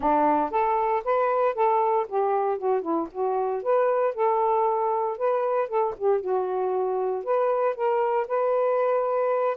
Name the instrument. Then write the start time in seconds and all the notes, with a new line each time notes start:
saxophone
0.00 D4
0.51 A4
1.04 B4
1.54 A4
2.08 G4
2.57 F#4
2.81 E4
3.11 F#4
3.63 B4
4.14 A4
5.17 B4
5.68 A4
5.97 G4
6.20 F#4
7.24 B4
7.75 A#4
8.27 B4